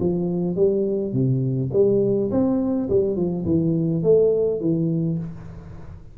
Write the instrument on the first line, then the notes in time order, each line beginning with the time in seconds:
tuba
0.00 F3
0.56 G3
1.13 C3
1.73 G3
2.32 C4
2.90 G3
3.17 F3
3.46 E3
4.03 A3
4.61 E3